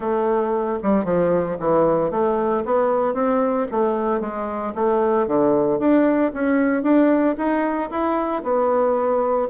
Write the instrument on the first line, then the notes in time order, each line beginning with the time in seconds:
bassoon
0.00 A3
0.83 G3
1.04 F3
1.59 E3
2.11 A3
2.65 B3
3.14 C4
3.71 A3
4.20 G#3
4.75 A3
5.27 D3
5.79 D4
6.33 C#4
6.83 D4
7.37 D#4
7.90 E4
8.43 B3